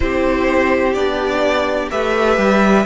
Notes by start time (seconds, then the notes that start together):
0.00 C4 E4 G4 C5
0.93 B3 D4 D5
1.90 A3 G4 B4 E5
2.37 G3